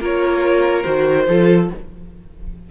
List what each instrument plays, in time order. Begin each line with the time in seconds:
0.00 cello A#3, viola F4, violin A#4 C#5
0.83 cello D#3, viola F#4, violin C5
1.28 cello F3, viola F4, violin A4